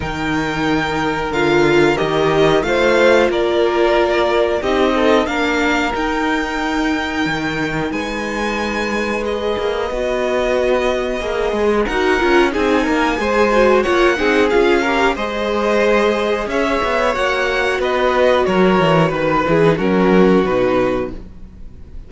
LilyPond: <<
  \new Staff \with { instrumentName = "violin" } { \time 4/4 \tempo 4 = 91 g''2 f''4 dis''4 | f''4 d''2 dis''4 | f''4 g''2. | gis''2 dis''2~ |
dis''2 fis''4 gis''4~ | gis''4 fis''4 f''4 dis''4~ | dis''4 e''4 fis''4 dis''4 | cis''4 b'8 gis'8 ais'4 b'4 | }
  \new Staff \with { instrumentName = "violin" } { \time 4/4 ais'1 | c''4 ais'2 g'8 a'8 | ais'1 | b'1~ |
b'2 ais'4 gis'8 ais'8 | c''4 cis''8 gis'4 ais'8 c''4~ | c''4 cis''2 b'4 | ais'4 b'4 fis'2 | }
  \new Staff \with { instrumentName = "viola" } { \time 4/4 dis'2 f'4 g'4 | f'2. dis'4 | d'4 dis'2.~ | dis'2 gis'4 fis'4~ |
fis'4 gis'4 fis'8 f'8 dis'4 | gis'8 fis'8 f'8 dis'8 f'8 g'8 gis'4~ | gis'2 fis'2~ | fis'4. e'16 dis'16 cis'4 dis'4 | }
  \new Staff \with { instrumentName = "cello" } { \time 4/4 dis2 d4 dis4 | a4 ais2 c'4 | ais4 dis'2 dis4 | gis2~ gis8 ais8 b4~ |
b4 ais8 gis8 dis'8 cis'8 c'8 ais8 | gis4 ais8 c'8 cis'4 gis4~ | gis4 cis'8 b8 ais4 b4 | fis8 e8 dis8 e8 fis4 b,4 | }
>>